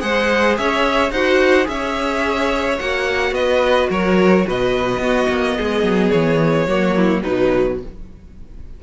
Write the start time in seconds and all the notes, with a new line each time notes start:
0.00 G#3 G#4 C5 F#5
0.57 C#4 C#5 E5
1.11 D#4 F#4 C5 F#5
1.65 C#4 G#4 E5
1.71 C#5
2.79 A#3 F#4 F#5
3.31 B3 B4 D#5
3.90 F#3 A#4 C#5
4.47 B2 B4 D#5
4.98 B3 F#4
5.29 A#3
5.57 G#3 G#4
5.83 F#3
6.10 E3 C#5
6.67 F#3 A#3 F#4
6.96 E4
7.23 B2 F#3 D#4 B4